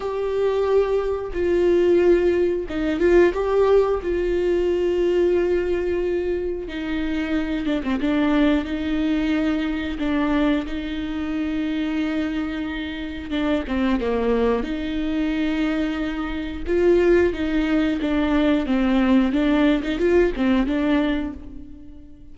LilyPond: \new Staff \with { instrumentName = "viola" } { \time 4/4 \tempo 4 = 90 g'2 f'2 | dis'8 f'8 g'4 f'2~ | f'2 dis'4. d'16 c'16 | d'4 dis'2 d'4 |
dis'1 | d'8 c'8 ais4 dis'2~ | dis'4 f'4 dis'4 d'4 | c'4 d'8. dis'16 f'8 c'8 d'4 | }